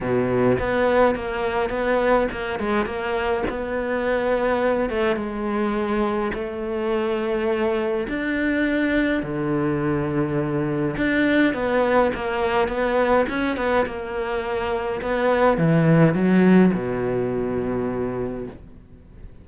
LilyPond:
\new Staff \with { instrumentName = "cello" } { \time 4/4 \tempo 4 = 104 b,4 b4 ais4 b4 | ais8 gis8 ais4 b2~ | b8 a8 gis2 a4~ | a2 d'2 |
d2. d'4 | b4 ais4 b4 cis'8 b8 | ais2 b4 e4 | fis4 b,2. | }